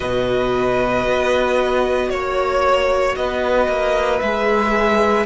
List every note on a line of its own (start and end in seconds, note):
0.00 1.06 B2
0.00 4.19 F#4
0.00 2.08 B4
0.00 2.10 D#5
1.06 2.10 B3
2.10 3.16 A#3
2.10 3.15 C#5
2.10 3.18 C#5
3.15 3.67 B3
3.15 5.25 B4
3.15 4.20 D#5
3.67 4.20 A#3
4.20 5.25 G#3
4.20 5.25 G#4
4.20 5.25 E5